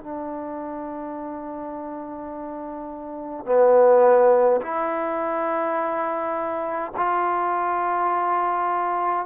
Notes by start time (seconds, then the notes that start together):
0.00 D4
3.45 B3
4.61 E4
6.97 F4